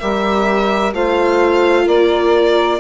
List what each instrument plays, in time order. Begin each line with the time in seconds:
0.00 bassoon G3, viola G4, saxophone A#4, violin E5
0.94 bassoon A3, viola F4, saxophone C5, violin F5
1.84 bassoon A#3, saxophone A#4, violin D5